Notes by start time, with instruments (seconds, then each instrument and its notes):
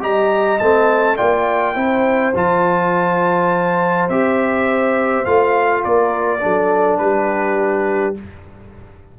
0.00 tuba G3, trombone G4, horn D#5, trumpet A#5
0.58 tuba A3, trombone C4, trumpet A5
1.17 tuba A#3, trombone F4, horn D5, trumpet G5
1.74 tuba C4, trombone E4, horn C5
2.35 tuba F3, trombone F4, trumpet A5
4.09 tuba C4, trombone G4, trumpet E5
5.25 tuba A3, trombone F4, trumpet F5
5.83 tuba A#3, horn A#4, trumpet D5
6.40 tuba F#3, trombone D4, horn A4
6.98 tuba G3, horn G4, trumpet B4